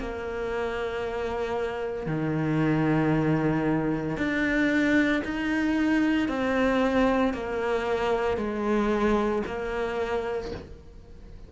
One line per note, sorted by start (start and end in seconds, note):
0.00 2.07 A#3
2.07 4.17 D#3
4.18 5.23 D4
5.25 6.29 D#4
6.29 7.34 C4
7.34 8.37 A#3
8.37 9.43 G#3
9.47 10.52 A#3